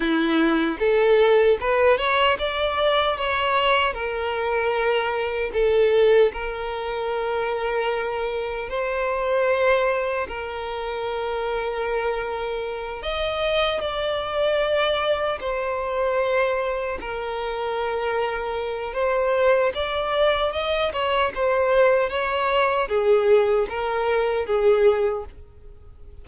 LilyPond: \new Staff \with { instrumentName = "violin" } { \time 4/4 \tempo 4 = 76 e'4 a'4 b'8 cis''8 d''4 | cis''4 ais'2 a'4 | ais'2. c''4~ | c''4 ais'2.~ |
ais'8 dis''4 d''2 c''8~ | c''4. ais'2~ ais'8 | c''4 d''4 dis''8 cis''8 c''4 | cis''4 gis'4 ais'4 gis'4 | }